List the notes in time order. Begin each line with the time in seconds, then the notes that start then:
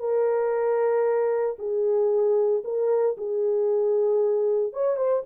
0.00 A#4
1.59 G#4
2.65 A#4
3.18 G#4
4.73 C#5
4.97 C5